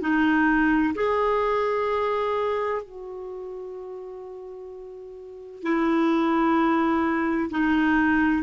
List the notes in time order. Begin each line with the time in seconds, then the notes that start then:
0.00 D#4
0.95 G#4
2.82 F#4
5.62 E4
7.50 D#4